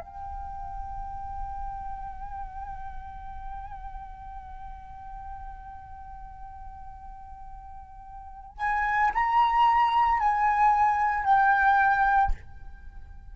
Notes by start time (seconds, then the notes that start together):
0.00 G5
8.57 G#5
9.14 A#5
10.19 G#5
11.24 G5